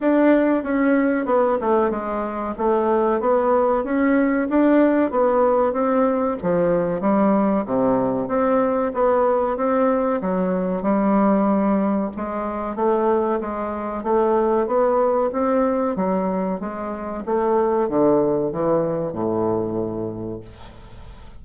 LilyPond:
\new Staff \with { instrumentName = "bassoon" } { \time 4/4 \tempo 4 = 94 d'4 cis'4 b8 a8 gis4 | a4 b4 cis'4 d'4 | b4 c'4 f4 g4 | c4 c'4 b4 c'4 |
fis4 g2 gis4 | a4 gis4 a4 b4 | c'4 fis4 gis4 a4 | d4 e4 a,2 | }